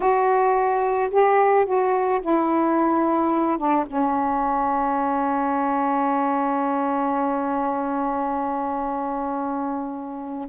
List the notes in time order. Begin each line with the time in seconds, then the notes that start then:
0.00 F#4
1.10 G4
1.65 F#4
2.21 E4
3.58 D4
3.87 C#4